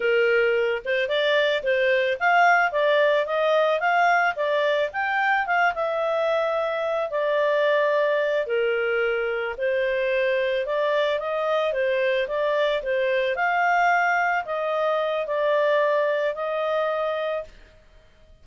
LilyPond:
\new Staff \with { instrumentName = "clarinet" } { \time 4/4 \tempo 4 = 110 ais'4. c''8 d''4 c''4 | f''4 d''4 dis''4 f''4 | d''4 g''4 f''8 e''4.~ | e''4 d''2~ d''8 ais'8~ |
ais'4. c''2 d''8~ | d''8 dis''4 c''4 d''4 c''8~ | c''8 f''2 dis''4. | d''2 dis''2 | }